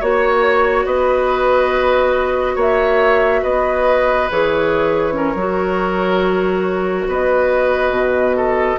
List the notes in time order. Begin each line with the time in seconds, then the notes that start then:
0.00 A#3 F#4 C#5
0.86 B3 B4 D#5
2.56 A#3 C#5 E5
3.43 B3 B4 D#5
4.31 E3 G#4 C#5
5.13 C#4 A#4
5.35 F#3 F#4
7.08 B3 B4 D#5
7.91 B2
8.37 A4